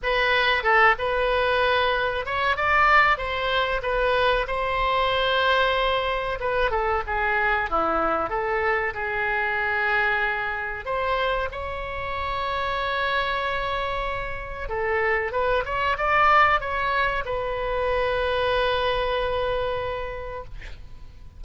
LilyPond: \new Staff \with { instrumentName = "oboe" } { \time 4/4 \tempo 4 = 94 b'4 a'8 b'2 cis''8 | d''4 c''4 b'4 c''4~ | c''2 b'8 a'8 gis'4 | e'4 a'4 gis'2~ |
gis'4 c''4 cis''2~ | cis''2. a'4 | b'8 cis''8 d''4 cis''4 b'4~ | b'1 | }